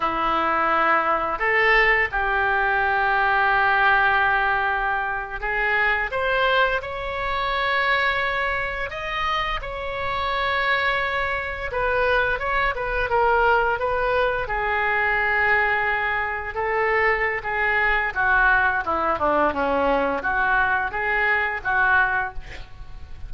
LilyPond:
\new Staff \with { instrumentName = "oboe" } { \time 4/4 \tempo 4 = 86 e'2 a'4 g'4~ | g'2.~ g'8. gis'16~ | gis'8. c''4 cis''2~ cis''16~ | cis''8. dis''4 cis''2~ cis''16~ |
cis''8. b'4 cis''8 b'8 ais'4 b'16~ | b'8. gis'2. a'16~ | a'4 gis'4 fis'4 e'8 d'8 | cis'4 fis'4 gis'4 fis'4 | }